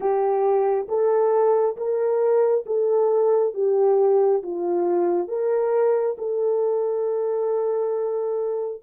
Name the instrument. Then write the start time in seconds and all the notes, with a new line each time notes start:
horn
0.00 G4
0.88 A4
1.76 A#4
2.66 A4
3.54 G4
4.42 F4
5.27 A#4
6.18 A4